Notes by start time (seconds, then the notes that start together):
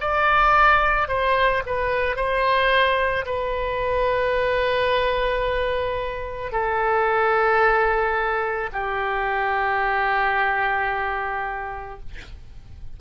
0.00 D5
1.08 C5
1.66 B4
2.16 C5
3.25 B4
6.52 A4
8.72 G4